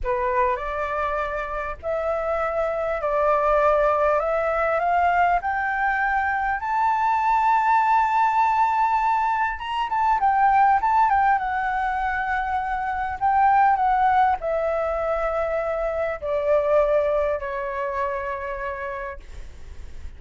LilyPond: \new Staff \with { instrumentName = "flute" } { \time 4/4 \tempo 4 = 100 b'4 d''2 e''4~ | e''4 d''2 e''4 | f''4 g''2 a''4~ | a''1 |
ais''8 a''8 g''4 a''8 g''8 fis''4~ | fis''2 g''4 fis''4 | e''2. d''4~ | d''4 cis''2. | }